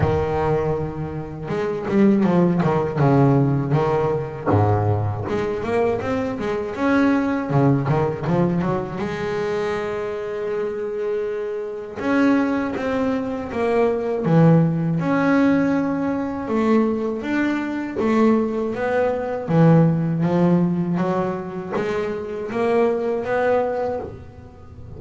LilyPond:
\new Staff \with { instrumentName = "double bass" } { \time 4/4 \tempo 4 = 80 dis2 gis8 g8 f8 dis8 | cis4 dis4 gis,4 gis8 ais8 | c'8 gis8 cis'4 cis8 dis8 f8 fis8 | gis1 |
cis'4 c'4 ais4 e4 | cis'2 a4 d'4 | a4 b4 e4 f4 | fis4 gis4 ais4 b4 | }